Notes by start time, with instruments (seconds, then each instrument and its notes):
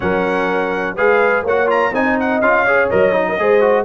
0.00 tuba F#3, trombone C#4, horn A#4, trumpet F#5
0.95 tuba G#3, trombone G#4, horn B4, trumpet F5
1.43 tuba A#3, trombone F#4, horn C#5, trumpet F#5
1.66 trombone F4, trumpet A#5
1.92 tuba C4, trombone D#4, horn D#5, trumpet G#5
2.20 trumpet F#5
2.41 tuba C#4, trombone F4, trumpet F5
2.65 trombone G#4, horn C#5
2.90 tuba F#3, trombone A#4, trumpet D#5
3.12 trombone D#4
3.28 horn A#4
3.39 tuba G#3, trombone G#4, horn C5
3.60 trombone F#4